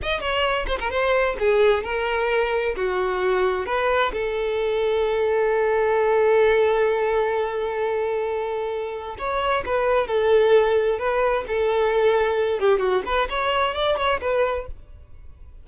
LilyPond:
\new Staff \with { instrumentName = "violin" } { \time 4/4 \tempo 4 = 131 dis''8 cis''4 c''16 ais'16 c''4 gis'4 | ais'2 fis'2 | b'4 a'2.~ | a'1~ |
a'1 | cis''4 b'4 a'2 | b'4 a'2~ a'8 g'8 | fis'8 b'8 cis''4 d''8 cis''8 b'4 | }